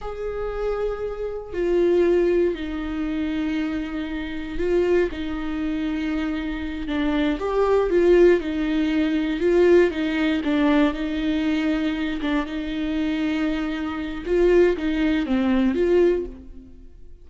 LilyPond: \new Staff \with { instrumentName = "viola" } { \time 4/4 \tempo 4 = 118 gis'2. f'4~ | f'4 dis'2.~ | dis'4 f'4 dis'2~ | dis'4. d'4 g'4 f'8~ |
f'8 dis'2 f'4 dis'8~ | dis'8 d'4 dis'2~ dis'8 | d'8 dis'2.~ dis'8 | f'4 dis'4 c'4 f'4 | }